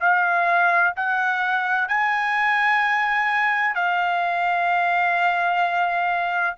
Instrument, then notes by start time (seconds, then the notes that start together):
trumpet
0.00 F5
0.96 F#5
1.88 G#5
3.75 F5